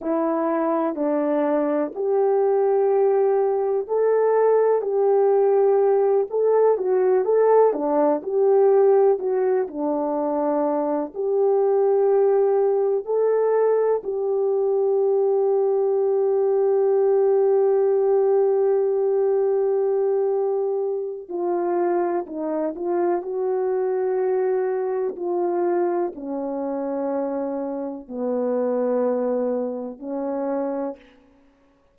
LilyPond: \new Staff \with { instrumentName = "horn" } { \time 4/4 \tempo 4 = 62 e'4 d'4 g'2 | a'4 g'4. a'8 fis'8 a'8 | d'8 g'4 fis'8 d'4. g'8~ | g'4. a'4 g'4.~ |
g'1~ | g'2 f'4 dis'8 f'8 | fis'2 f'4 cis'4~ | cis'4 b2 cis'4 | }